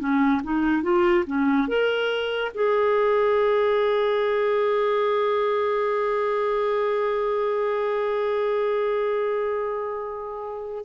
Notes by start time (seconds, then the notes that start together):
0.00 C#4
0.44 D#4
0.83 F4
1.27 C#4
1.69 A#4
2.55 G#4